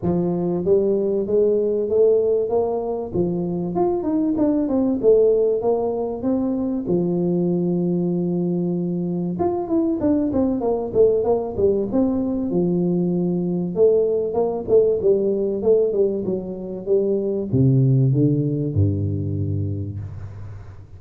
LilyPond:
\new Staff \with { instrumentName = "tuba" } { \time 4/4 \tempo 4 = 96 f4 g4 gis4 a4 | ais4 f4 f'8 dis'8 d'8 c'8 | a4 ais4 c'4 f4~ | f2. f'8 e'8 |
d'8 c'8 ais8 a8 ais8 g8 c'4 | f2 a4 ais8 a8 | g4 a8 g8 fis4 g4 | c4 d4 g,2 | }